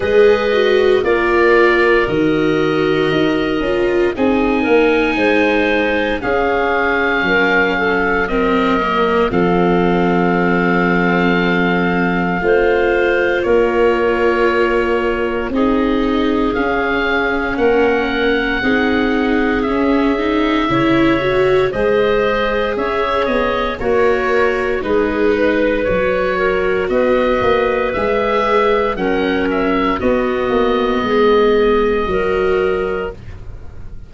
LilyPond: <<
  \new Staff \with { instrumentName = "oboe" } { \time 4/4 \tempo 4 = 58 dis''4 d''4 dis''2 | gis''2 f''2 | dis''4 f''2.~ | f''4 cis''2 dis''4 |
f''4 fis''2 e''4~ | e''4 dis''4 e''8 dis''8 cis''4 | b'4 cis''4 dis''4 e''4 | fis''8 e''8 dis''2. | }
  \new Staff \with { instrumentName = "clarinet" } { \time 4/4 b'4 ais'2. | gis'8 ais'8 c''4 gis'4 ais'8 a'8 | ais'4 a'2. | c''4 ais'2 gis'4~ |
gis'4 ais'4 gis'2 | cis''4 c''4 cis''4 fis'4 | gis'8 b'4 ais'8 b'2 | ais'4 fis'4 gis'4 ais'4 | }
  \new Staff \with { instrumentName = "viola" } { \time 4/4 gis'8 fis'8 f'4 fis'4. f'8 | dis'2 cis'2 | c'8 ais8 c'2. | f'2. dis'4 |
cis'2 dis'4 cis'8 dis'8 | e'8 fis'8 gis'2 ais'4 | dis'4 fis'2 gis'4 | cis'4 b2 fis'4 | }
  \new Staff \with { instrumentName = "tuba" } { \time 4/4 gis4 ais4 dis4 dis'8 cis'8 | c'8 ais8 gis4 cis'4 fis4~ | fis4 f2. | a4 ais2 c'4 |
cis'4 ais4 c'4 cis'4 | cis4 gis4 cis'8 b8 ais4 | gis4 fis4 b8 ais8 gis4 | fis4 b8 ais8 gis4 fis4 | }
>>